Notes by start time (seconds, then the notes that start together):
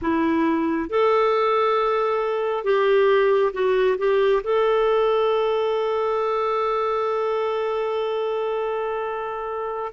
0.01 E4
0.89 A4
2.64 G4
3.53 F#4
3.98 G4
4.44 A4